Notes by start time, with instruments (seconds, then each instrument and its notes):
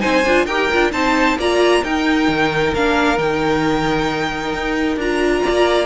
0.00 cello C4, viola D#4, violin C5 G#5
0.25 cello D4, viola F4
0.46 cello D#4, viola G4, violin A#4 G5
0.72 cello D4, viola F4
0.92 cello C4, viola D#4, violin C5 A5
1.37 cello A#3, viola F4, violin D5 A#5
1.83 cello D#4, viola D#4, violin A#4 G5
2.28 cello D#3
2.75 cello A#3, viola D4, violin F5
3.17 cello D#3, viola D#4, violin G5
4.53 cello D#4
4.97 cello D4, viola F4, violin A#5
5.43 violin D5
5.49 cello A#3